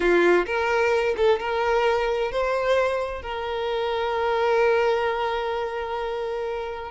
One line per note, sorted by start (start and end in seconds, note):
0.00 0.45 F4
0.46 1.15 A#4
1.16 1.39 A4
1.39 2.31 A#4
2.31 3.21 C5
3.21 6.91 A#4